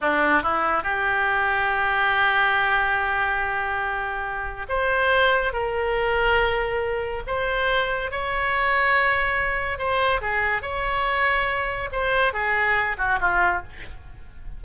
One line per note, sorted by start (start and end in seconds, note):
0.01 0.42 D4
0.42 0.83 E4
0.83 4.66 G4
4.68 5.52 C5
5.52 7.22 A#4
7.26 8.11 C5
8.11 9.78 C#5
9.78 10.20 C5
10.21 10.62 G#4
10.62 11.89 C#5
11.92 12.33 C5
12.33 12.97 G#4
12.97 13.19 F#4
13.20 13.63 F4